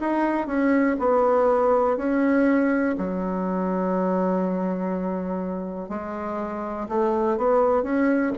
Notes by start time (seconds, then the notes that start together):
0.00 D#4
0.47 C#4
0.99 B3
1.97 C#4
2.98 F#3
5.89 G#3
6.89 A3
7.37 B3
7.83 C#4